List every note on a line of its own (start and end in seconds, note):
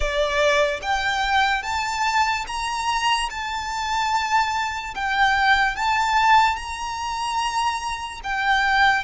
0.00 0.80 D5
0.82 1.63 G5
1.63 2.45 A5
2.47 3.29 A#5
3.30 4.94 A5
4.94 5.76 G5
5.76 6.56 A5
6.56 8.20 A#5
8.23 9.03 G5